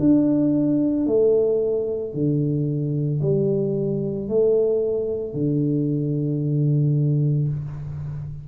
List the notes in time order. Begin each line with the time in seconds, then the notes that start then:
0.00 D4
1.07 A3
2.14 D3
3.22 G3
4.29 A3
5.34 D3